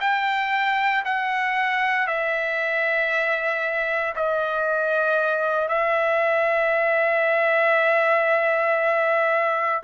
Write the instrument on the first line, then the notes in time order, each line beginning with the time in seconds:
trumpet
0.00 G5
1.05 F#5
2.07 E5
4.16 D#5
5.68 E5